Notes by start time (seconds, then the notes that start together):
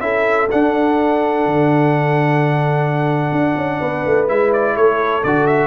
0.00 C#4 E4 A4 E5
0.51 D4 F#5
1.46 D3
3.31 D4
3.56 C#4
3.79 B3 B4
4.05 A3
4.28 G#3 E4 E5
4.52 D5
4.75 A3 A4 C#5
5.23 D3 F#4 D5
5.47 E5